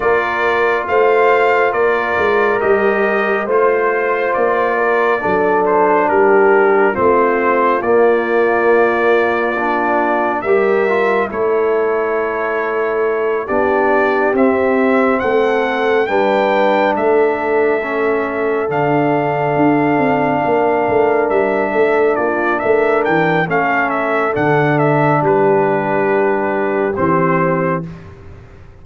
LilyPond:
<<
  \new Staff \with { instrumentName = "trumpet" } { \time 4/4 \tempo 4 = 69 d''4 f''4 d''4 dis''4 | c''4 d''4. c''8 ais'4 | c''4 d''2. | e''4 cis''2~ cis''8 d''8~ |
d''8 e''4 fis''4 g''4 e''8~ | e''4. f''2~ f''8~ | f''8 e''4 d''8 e''8 g''8 f''8 e''8 | fis''8 e''8 b'2 c''4 | }
  \new Staff \with { instrumentName = "horn" } { \time 4/4 ais'4 c''4 ais'2 | c''4. ais'8 a'4 g'4 | f'1 | ais'4 a'2~ a'8 g'8~ |
g'4. a'4 b'4 a'8~ | a'2.~ a'8 ais'8~ | ais'4 a'8 f'8 ais'4 a'4~ | a'4 g'2. | }
  \new Staff \with { instrumentName = "trombone" } { \time 4/4 f'2. g'4 | f'2 d'2 | c'4 ais2 d'4 | g'8 f'8 e'2~ e'8 d'8~ |
d'8 c'2 d'4.~ | d'8 cis'4 d'2~ d'8~ | d'2. cis'4 | d'2. c'4 | }
  \new Staff \with { instrumentName = "tuba" } { \time 4/4 ais4 a4 ais8 gis8 g4 | a4 ais4 fis4 g4 | a4 ais2. | g4 a2~ a8 b8~ |
b8 c'4 a4 g4 a8~ | a4. d4 d'8 c'8 ais8 | a8 g8 a8 ais8 a8 e8 a4 | d4 g2 e4 | }
>>